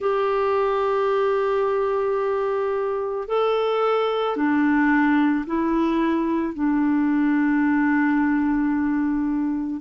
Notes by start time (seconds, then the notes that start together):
0.00 G4
3.27 A4
4.36 D4
5.46 E4
6.54 D4